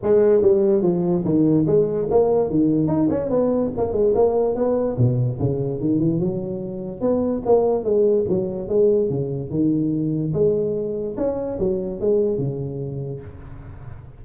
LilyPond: \new Staff \with { instrumentName = "tuba" } { \time 4/4 \tempo 4 = 145 gis4 g4 f4 dis4 | gis4 ais4 dis4 dis'8 cis'8 | b4 ais8 gis8 ais4 b4 | b,4 cis4 dis8 e8 fis4~ |
fis4 b4 ais4 gis4 | fis4 gis4 cis4 dis4~ | dis4 gis2 cis'4 | fis4 gis4 cis2 | }